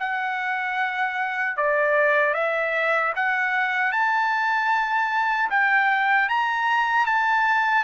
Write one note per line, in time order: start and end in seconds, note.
0.00 1.57 F#5
1.57 2.35 D5
2.35 3.14 E5
3.16 3.93 F#5
3.93 5.50 A5
5.51 6.29 G5
6.29 7.07 A#5
7.07 7.85 A5